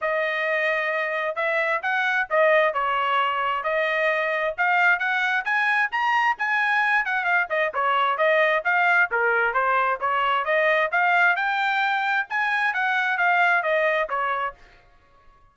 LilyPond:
\new Staff \with { instrumentName = "trumpet" } { \time 4/4 \tempo 4 = 132 dis''2. e''4 | fis''4 dis''4 cis''2 | dis''2 f''4 fis''4 | gis''4 ais''4 gis''4. fis''8 |
f''8 dis''8 cis''4 dis''4 f''4 | ais'4 c''4 cis''4 dis''4 | f''4 g''2 gis''4 | fis''4 f''4 dis''4 cis''4 | }